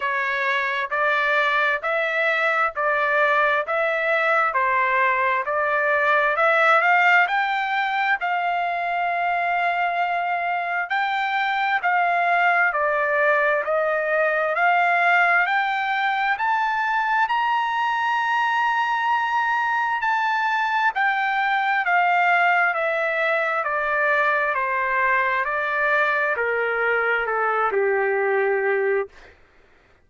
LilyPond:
\new Staff \with { instrumentName = "trumpet" } { \time 4/4 \tempo 4 = 66 cis''4 d''4 e''4 d''4 | e''4 c''4 d''4 e''8 f''8 | g''4 f''2. | g''4 f''4 d''4 dis''4 |
f''4 g''4 a''4 ais''4~ | ais''2 a''4 g''4 | f''4 e''4 d''4 c''4 | d''4 ais'4 a'8 g'4. | }